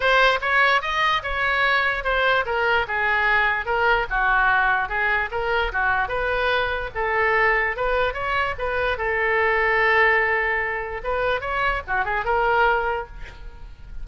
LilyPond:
\new Staff \with { instrumentName = "oboe" } { \time 4/4 \tempo 4 = 147 c''4 cis''4 dis''4 cis''4~ | cis''4 c''4 ais'4 gis'4~ | gis'4 ais'4 fis'2 | gis'4 ais'4 fis'4 b'4~ |
b'4 a'2 b'4 | cis''4 b'4 a'2~ | a'2. b'4 | cis''4 fis'8 gis'8 ais'2 | }